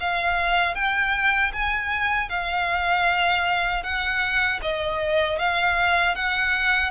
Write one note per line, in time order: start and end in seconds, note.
0.00 0.75 F5
0.75 1.52 G5
1.53 2.29 G#5
2.29 3.83 F5
3.83 4.60 F#5
4.62 5.39 D#5
5.39 6.15 F5
6.15 6.91 F#5